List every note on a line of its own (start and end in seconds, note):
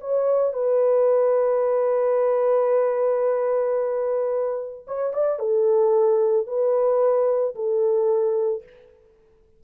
0.00 0.53 C#5
0.53 4.86 B4
4.87 5.13 C#5
5.13 5.39 D5
5.39 6.46 A4
6.46 7.55 B4
7.55 8.63 A4